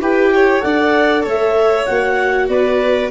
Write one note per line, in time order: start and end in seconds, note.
0.00 0.62 E4
0.00 0.60 G4
0.00 0.33 B4
0.00 0.61 G5
0.35 0.65 C#5
0.60 1.26 D4
0.60 1.84 A4
0.60 1.23 D5
0.60 1.23 F#5
1.23 1.88 A3
1.23 2.47 C#5
1.23 1.86 E5
1.86 2.49 A#3
1.86 3.11 F#4
1.86 2.48 F#5
2.49 3.11 B3
2.49 3.11 B4
2.49 3.11 D5